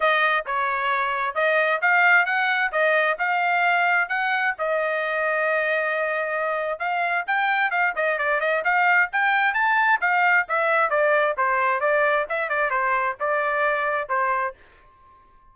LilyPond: \new Staff \with { instrumentName = "trumpet" } { \time 4/4 \tempo 4 = 132 dis''4 cis''2 dis''4 | f''4 fis''4 dis''4 f''4~ | f''4 fis''4 dis''2~ | dis''2. f''4 |
g''4 f''8 dis''8 d''8 dis''8 f''4 | g''4 a''4 f''4 e''4 | d''4 c''4 d''4 e''8 d''8 | c''4 d''2 c''4 | }